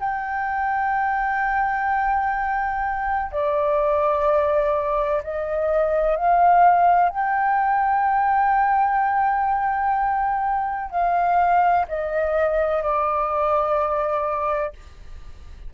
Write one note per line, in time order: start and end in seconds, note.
0.00 3.32 G5
3.32 5.23 D5
5.23 6.16 D#5
6.16 7.10 F5
7.10 10.90 G5
10.91 11.86 F5
11.88 12.83 D#5
12.83 14.73 D5